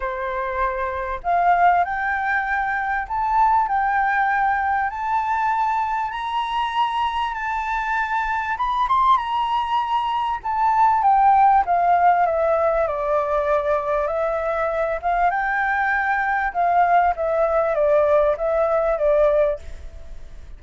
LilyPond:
\new Staff \with { instrumentName = "flute" } { \time 4/4 \tempo 4 = 98 c''2 f''4 g''4~ | g''4 a''4 g''2 | a''2 ais''2 | a''2 b''8 c'''8 ais''4~ |
ais''4 a''4 g''4 f''4 | e''4 d''2 e''4~ | e''8 f''8 g''2 f''4 | e''4 d''4 e''4 d''4 | }